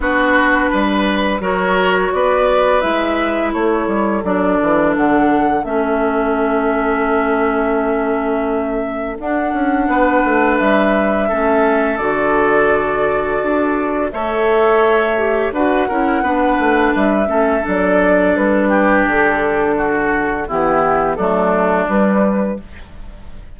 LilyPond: <<
  \new Staff \with { instrumentName = "flute" } { \time 4/4 \tempo 4 = 85 b'2 cis''4 d''4 | e''4 cis''4 d''4 fis''4 | e''1~ | e''4 fis''2 e''4~ |
e''4 d''2. | e''2 fis''2 | e''4 d''4 b'4 a'4~ | a'4 g'4 a'4 b'4 | }
  \new Staff \with { instrumentName = "oboe" } { \time 4/4 fis'4 b'4 ais'4 b'4~ | b'4 a'2.~ | a'1~ | a'2 b'2 |
a'1 | cis''2 b'8 ais'8 b'4~ | b'8 a'2 g'4. | fis'4 e'4 d'2 | }
  \new Staff \with { instrumentName = "clarinet" } { \time 4/4 d'2 fis'2 | e'2 d'2 | cis'1~ | cis'4 d'2. |
cis'4 fis'2. | a'4. g'8 fis'8 e'8 d'4~ | d'8 cis'8 d'2.~ | d'4 b4 a4 g4 | }
  \new Staff \with { instrumentName = "bassoon" } { \time 4/4 b4 g4 fis4 b4 | gis4 a8 g8 fis8 e8 d4 | a1~ | a4 d'8 cis'8 b8 a8 g4 |
a4 d2 d'4 | a2 d'8 cis'8 b8 a8 | g8 a8 fis4 g4 d4~ | d4 e4 fis4 g4 | }
>>